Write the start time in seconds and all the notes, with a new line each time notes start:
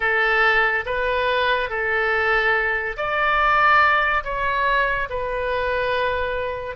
0.00 A4
0.85 B4
1.69 A4
2.96 D5
4.23 C#5
5.09 B4